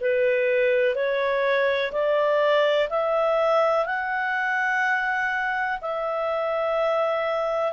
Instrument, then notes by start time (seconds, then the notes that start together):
clarinet
0.00 B4
0.95 C#5
1.92 D5
2.89 E5
3.85 F#5
5.81 E5